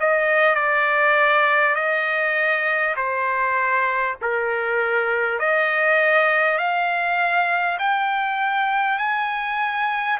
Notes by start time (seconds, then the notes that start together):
0.00 D#5
0.55 D5
1.75 D#5
2.96 C5
4.22 A#4
5.39 D#5
6.58 F5
7.79 G5
8.98 G#5